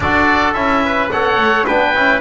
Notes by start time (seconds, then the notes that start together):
0.00 D4 F#4 A4 D5
0.53 C#4 E4 E5
0.84 B4
1.11 B3 A4 C#5 F#5
1.37 A3
1.66 B3 D4 B4 G5
1.94 C#4 E4